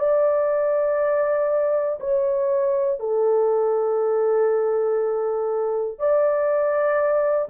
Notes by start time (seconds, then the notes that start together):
0.00 D5
2.00 C#5
3.00 A4
6.00 D5